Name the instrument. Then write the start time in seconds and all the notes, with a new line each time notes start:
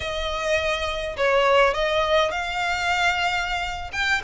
violin
0.00 D#5
1.16 C#5
1.73 D#5
2.31 F5
3.92 G5